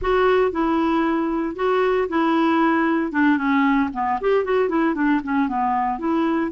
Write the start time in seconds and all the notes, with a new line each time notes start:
0.01 F#4
0.51 E4
1.55 F#4
2.09 E4
3.12 D4
3.37 C#4
3.93 B3
4.20 G4
4.44 F#4
4.68 E4
4.94 D4
5.23 C#4
5.48 B3
5.99 E4